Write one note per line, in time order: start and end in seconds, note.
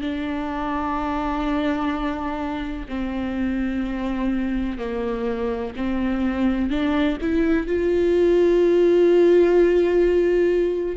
0.00 2.86 D4
2.88 4.78 C4
4.78 5.73 A#3
5.76 6.69 C4
6.69 7.17 D4
7.21 7.67 E4
7.67 10.96 F4